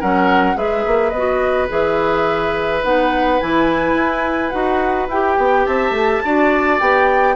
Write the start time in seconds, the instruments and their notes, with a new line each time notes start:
0.00 bassoon F#3, clarinet C#4, oboe A#4, flute F#5
0.55 bassoon G#3, clarinet G#4, oboe B4, flute E5
0.86 bassoon A#3
1.10 bassoon B3, flute D#5
1.17 clarinet F#4
1.68 bassoon E3, clarinet G#4, flute E5
2.83 bassoon B3, clarinet D#4, flute F#5
3.40 bassoon E3, clarinet E4, flute G#5
3.94 bassoon E4
4.50 bassoon D#4, clarinet F#4, flute F#5
5.08 bassoon E4, clarinet G4, flute G5
5.38 bassoon B3
5.65 bassoon C4, oboe E5, flute A5
5.90 bassoon A3
6.24 bassoon D4, clarinet F#4, oboe D5
6.79 bassoon B3, clarinet G4, flute G5